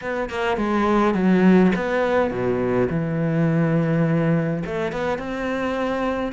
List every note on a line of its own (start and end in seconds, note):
0.01 0.29 B3
0.29 0.57 A#3
0.57 1.14 G#3
1.14 1.72 F#3
1.75 2.31 B3
2.31 2.88 B2
2.90 4.63 E3
4.66 4.92 A3
4.92 5.18 B3
5.18 6.32 C4